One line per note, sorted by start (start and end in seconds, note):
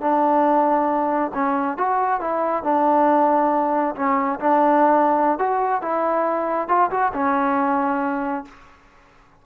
0.00 1.31 D4
1.34 1.77 C#4
1.77 2.20 F#4
2.20 2.63 E4
2.63 3.95 D4
3.95 4.39 C#4
4.40 5.38 D4
5.38 5.81 F#4
5.81 6.68 E4
6.68 6.90 F4
6.90 7.12 F#4
7.13 8.44 C#4